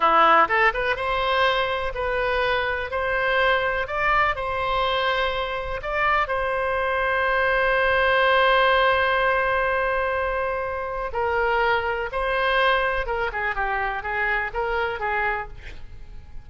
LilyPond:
\new Staff \with { instrumentName = "oboe" } { \time 4/4 \tempo 4 = 124 e'4 a'8 b'8 c''2 | b'2 c''2 | d''4 c''2. | d''4 c''2.~ |
c''1~ | c''2. ais'4~ | ais'4 c''2 ais'8 gis'8 | g'4 gis'4 ais'4 gis'4 | }